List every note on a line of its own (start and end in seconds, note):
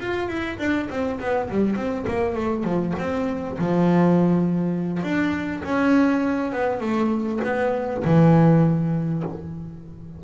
0.00 0.29 F4
0.29 0.58 E4
0.59 0.89 D4
0.90 1.20 C4
1.20 1.50 B3
1.50 1.76 G3
1.76 2.06 C4
2.08 2.35 A#3
2.35 2.64 A3
2.64 2.94 F3
2.99 3.58 C4
3.59 5.03 F3
5.03 5.63 D4
5.64 6.53 C#4
6.53 6.81 B3
6.81 7.41 A3
7.44 8.04 B3
8.05 9.24 E3